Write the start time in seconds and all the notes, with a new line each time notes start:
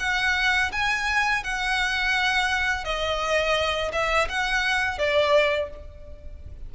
0.00 F#5
0.72 G#5
1.44 F#5
2.85 D#5
3.93 E5
4.29 F#5
4.99 D5